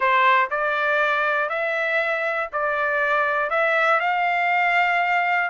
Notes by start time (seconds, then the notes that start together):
0.00 C5
0.50 D5
1.49 E5
2.52 D5
3.50 E5
4.00 F5